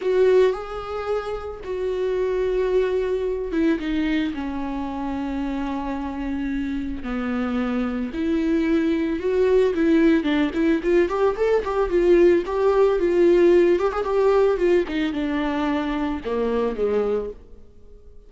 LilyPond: \new Staff \with { instrumentName = "viola" } { \time 4/4 \tempo 4 = 111 fis'4 gis'2 fis'4~ | fis'2~ fis'8 e'8 dis'4 | cis'1~ | cis'4 b2 e'4~ |
e'4 fis'4 e'4 d'8 e'8 | f'8 g'8 a'8 g'8 f'4 g'4 | f'4. g'16 gis'16 g'4 f'8 dis'8 | d'2 ais4 gis4 | }